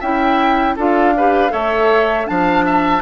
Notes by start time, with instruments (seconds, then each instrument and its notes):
0.00 bassoon C#4, clarinet E4, oboe E5, flute G5
0.76 bassoon D4, clarinet F4, oboe A4, flute F5
1.17 clarinet G4, oboe B4
1.49 bassoon A3, clarinet A4, oboe C#5, flute E5
2.26 bassoon F3, clarinet D4, oboe F5, flute A5
2.65 oboe E5